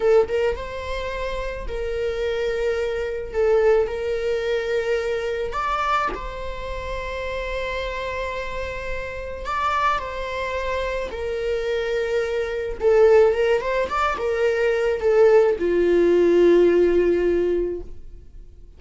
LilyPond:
\new Staff \with { instrumentName = "viola" } { \time 4/4 \tempo 4 = 108 a'8 ais'8 c''2 ais'4~ | ais'2 a'4 ais'4~ | ais'2 d''4 c''4~ | c''1~ |
c''4 d''4 c''2 | ais'2. a'4 | ais'8 c''8 d''8 ais'4. a'4 | f'1 | }